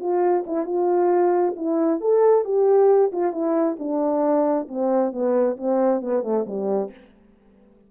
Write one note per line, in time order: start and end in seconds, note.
0.00 0.44 F4
0.46 0.65 E4
0.65 1.54 F4
1.56 2.01 E4
2.01 2.45 A4
2.45 3.12 G4
3.13 3.32 F4
3.32 3.77 E4
3.79 4.68 D4
4.68 5.12 C4
5.12 5.57 B3
5.57 6.02 C4
6.02 6.23 B3
6.23 6.45 A3
6.46 6.91 G3